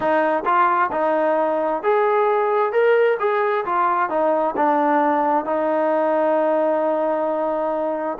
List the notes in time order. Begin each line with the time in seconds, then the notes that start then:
0.00 D#4
0.45 F4
0.91 D#4
1.82 G#4
2.72 A#4
3.19 G#4
3.65 F4
4.09 D#4
4.56 D4
5.45 D#4